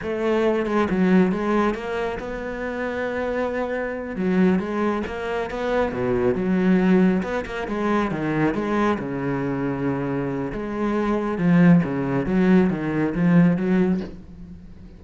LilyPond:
\new Staff \with { instrumentName = "cello" } { \time 4/4 \tempo 4 = 137 a4. gis8 fis4 gis4 | ais4 b2.~ | b4. fis4 gis4 ais8~ | ais8 b4 b,4 fis4.~ |
fis8 b8 ais8 gis4 dis4 gis8~ | gis8 cis2.~ cis8 | gis2 f4 cis4 | fis4 dis4 f4 fis4 | }